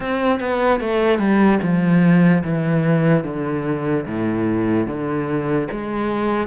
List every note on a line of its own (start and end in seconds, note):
0.00 0.39 C4
0.39 0.80 B3
0.80 1.18 A3
1.18 1.59 G3
1.62 2.43 F3
2.43 3.24 E3
3.24 4.05 D3
4.06 4.86 A2
4.86 5.68 D3
5.71 6.46 G#3